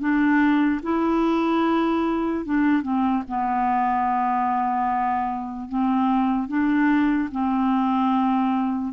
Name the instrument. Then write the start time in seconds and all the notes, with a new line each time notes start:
clarinet
0.00 D4
0.83 E4
2.46 D4
2.83 C4
3.28 B3
5.69 C4
6.49 D4
7.32 C4